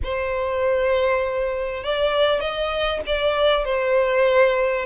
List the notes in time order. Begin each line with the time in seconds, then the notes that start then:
0.03 C5
1.83 D5
2.40 D#5
3.06 D5
3.64 C5